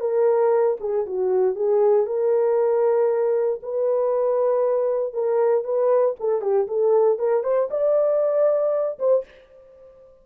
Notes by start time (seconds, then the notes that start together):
0.00 A#4
0.80 G#4
1.06 F#4
1.55 G#4
2.06 A#4
3.63 B4
5.14 A#4
5.64 B4
6.20 A4
6.41 G4
6.67 A4
7.19 A#4
7.43 C5
7.71 D5
8.99 C5